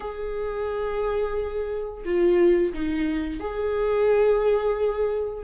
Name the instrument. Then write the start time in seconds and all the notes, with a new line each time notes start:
viola
0.00 G#4
2.05 F4
2.73 D#4
3.40 G#4